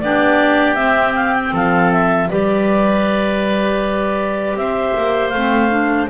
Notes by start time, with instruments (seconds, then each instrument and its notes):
0.00 double bass B3, clarinet D4 D5, oboe G4
0.75 double bass C4, clarinet C4 E5
1.15 clarinet F5
1.34 clarinet G5
1.53 double bass F3, oboe A4, clarinet F5
1.92 clarinet E5
2.30 double bass G3, clarinet G4 D5, oboe B4
4.55 double bass C4, oboe C5, clarinet E5
4.97 double bass A#3
5.29 double bass A3, clarinet C4 F5
5.70 clarinet D4